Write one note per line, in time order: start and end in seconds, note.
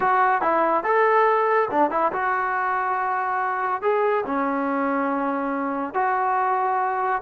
0.00 0.41 F#4
0.41 0.83 E4
0.83 1.68 A4
1.70 1.90 D4
1.90 2.12 E4
2.12 3.81 F#4
3.81 4.24 G#4
4.26 5.94 C#4
5.94 7.21 F#4